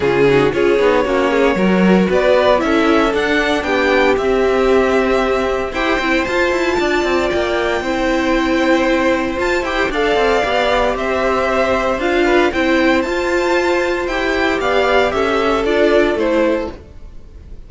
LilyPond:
<<
  \new Staff \with { instrumentName = "violin" } { \time 4/4 \tempo 4 = 115 gis'4 cis''2. | d''4 e''4 fis''4 g''4 | e''2. g''4 | a''2 g''2~ |
g''2 a''8 g''8 f''4~ | f''4 e''2 f''4 | g''4 a''2 g''4 | f''4 e''4 d''4 c''4 | }
  \new Staff \with { instrumentName = "violin" } { \time 4/4 f'8 fis'8 gis'4 fis'8 gis'8 ais'4 | b'4 a'2 g'4~ | g'2. c''4~ | c''4 d''2 c''4~ |
c''2. d''4~ | d''4 c''2~ c''8 b'8 | c''1 | d''4 a'2. | }
  \new Staff \with { instrumentName = "viola" } { \time 4/4 cis'8 dis'8 f'8 dis'8 cis'4 fis'4~ | fis'4 e'4 d'2 | c'2. g'8 e'8 | f'2. e'4~ |
e'2 f'8 g'8 a'4 | g'2. f'4 | e'4 f'2 g'4~ | g'2 f'4 e'4 | }
  \new Staff \with { instrumentName = "cello" } { \time 4/4 cis4 cis'8 b8 ais4 fis4 | b4 cis'4 d'4 b4 | c'2. e'8 c'8 | f'8 e'8 d'8 c'8 ais4 c'4~ |
c'2 f'8 e'8 d'8 c'8 | b4 c'2 d'4 | c'4 f'2 e'4 | b4 cis'4 d'4 a4 | }
>>